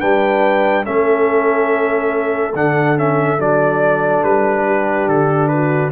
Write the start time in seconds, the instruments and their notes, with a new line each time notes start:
0.00 tuba G3, trombone D4, horn B4, trumpet G5
0.84 tuba A3, trombone C#4, horn A4, trumpet E5
2.54 tuba D3, trombone D4, trumpet F#5
2.97 trombone C#4, trumpet E5
3.39 tuba F#3, trombone D4, trumpet D5
4.23 tuba G3, trumpet B4
4.66 horn G4
5.08 tuba D3, trumpet A4
5.48 horn F#4, trumpet B4